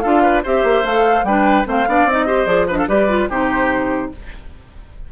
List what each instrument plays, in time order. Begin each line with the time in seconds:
0.00 bassoon D4, clarinet F4, oboe A4, flute F5
0.22 oboe B4
0.44 bassoon C4, clarinet G4, oboe C5, flute E5
0.63 bassoon A#3
0.84 bassoon A3, clarinet A4, flute F5
1.24 bassoon G3, clarinet D4, oboe B4, flute G5
1.65 bassoon A3, clarinet C4, oboe C5, flute F5
1.88 bassoon B3, clarinet D4, oboe D5
2.05 bassoon C4, clarinet D#4, flute D#5
2.26 clarinet G4, oboe C5
2.46 bassoon F3, clarinet G#4, flute D5
2.68 clarinet D4, oboe B4, flute D#5
2.78 oboe A4, flute F5
2.88 bassoon G3, clarinet G4, oboe B4, flute D5
3.09 clarinet F4
3.29 bassoon C3, clarinet D#4, oboe G4, flute C5